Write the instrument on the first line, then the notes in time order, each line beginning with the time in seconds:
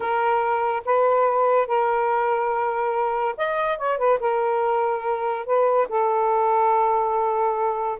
saxophone
0.00 A#4
0.85 B4
1.67 A#4
3.37 D#5
3.78 C#5
3.98 B4
4.20 A#4
5.45 B4
5.88 A4